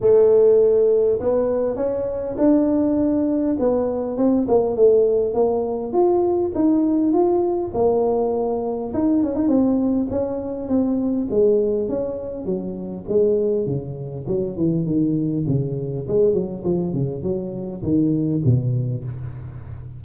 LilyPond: \new Staff \with { instrumentName = "tuba" } { \time 4/4 \tempo 4 = 101 a2 b4 cis'4 | d'2 b4 c'8 ais8 | a4 ais4 f'4 dis'4 | f'4 ais2 dis'8 cis'16 dis'16 |
c'4 cis'4 c'4 gis4 | cis'4 fis4 gis4 cis4 | fis8 e8 dis4 cis4 gis8 fis8 | f8 cis8 fis4 dis4 b,4 | }